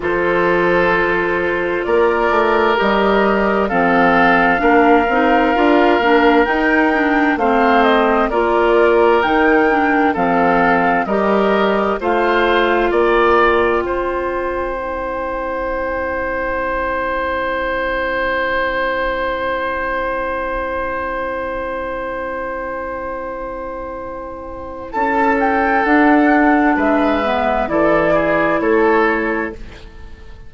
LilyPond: <<
  \new Staff \with { instrumentName = "flute" } { \time 4/4 \tempo 4 = 65 c''2 d''4 dis''4 | f''2. g''4 | f''8 dis''8 d''4 g''4 f''4 | dis''4 f''4 g''2~ |
g''1~ | g''1~ | g''2. a''8 g''8 | fis''4 e''4 d''4 cis''4 | }
  \new Staff \with { instrumentName = "oboe" } { \time 4/4 a'2 ais'2 | a'4 ais'2. | c''4 ais'2 a'4 | ais'4 c''4 d''4 c''4~ |
c''1~ | c''1~ | c''2. a'4~ | a'4 b'4 a'8 gis'8 a'4 | }
  \new Staff \with { instrumentName = "clarinet" } { \time 4/4 f'2. g'4 | c'4 d'8 dis'8 f'8 d'8 dis'8 d'8 | c'4 f'4 dis'8 d'8 c'4 | g'4 f'2. |
e'1~ | e'1~ | e'1 | d'4. b8 e'2 | }
  \new Staff \with { instrumentName = "bassoon" } { \time 4/4 f2 ais8 a8 g4 | f4 ais8 c'8 d'8 ais8 dis'4 | a4 ais4 dis4 f4 | g4 a4 ais4 c'4~ |
c'1~ | c'1~ | c'2. cis'4 | d'4 gis4 e4 a4 | }
>>